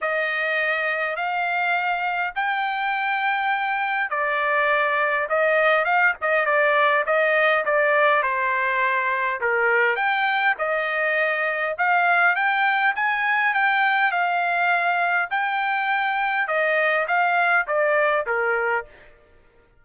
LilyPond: \new Staff \with { instrumentName = "trumpet" } { \time 4/4 \tempo 4 = 102 dis''2 f''2 | g''2. d''4~ | d''4 dis''4 f''8 dis''8 d''4 | dis''4 d''4 c''2 |
ais'4 g''4 dis''2 | f''4 g''4 gis''4 g''4 | f''2 g''2 | dis''4 f''4 d''4 ais'4 | }